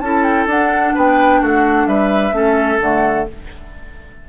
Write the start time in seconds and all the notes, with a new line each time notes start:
0.00 C#4 E4 A4 A5
0.23 G5
0.46 D4 F#5
0.94 B3 B4 G5
1.40 A3 F#4 F#5
1.87 G3 B4 E5
2.32 A3 C#4 A4
2.81 D3 A3 F#5